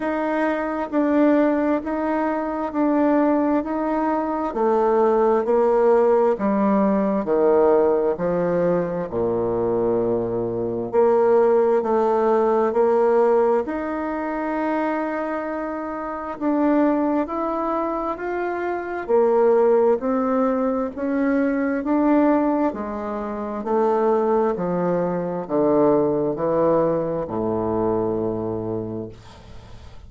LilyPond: \new Staff \with { instrumentName = "bassoon" } { \time 4/4 \tempo 4 = 66 dis'4 d'4 dis'4 d'4 | dis'4 a4 ais4 g4 | dis4 f4 ais,2 | ais4 a4 ais4 dis'4~ |
dis'2 d'4 e'4 | f'4 ais4 c'4 cis'4 | d'4 gis4 a4 f4 | d4 e4 a,2 | }